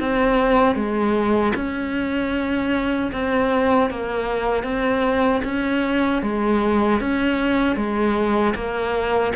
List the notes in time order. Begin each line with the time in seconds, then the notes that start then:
0.00 C4
0.75 G#3
1.55 C#4
3.12 C4
3.90 A#3
4.64 C4
5.44 C#4
6.22 G#3
7.00 C#4
7.76 G#3
8.55 A#3